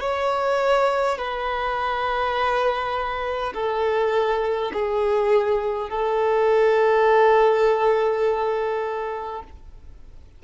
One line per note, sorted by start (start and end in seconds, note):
0.00 1.18 C#5
1.18 3.53 B4
3.53 4.71 A4
4.73 5.89 G#4
5.89 9.42 A4